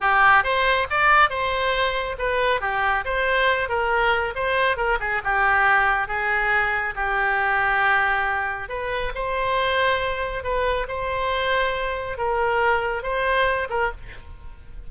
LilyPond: \new Staff \with { instrumentName = "oboe" } { \time 4/4 \tempo 4 = 138 g'4 c''4 d''4 c''4~ | c''4 b'4 g'4 c''4~ | c''8 ais'4. c''4 ais'8 gis'8 | g'2 gis'2 |
g'1 | b'4 c''2. | b'4 c''2. | ais'2 c''4. ais'8 | }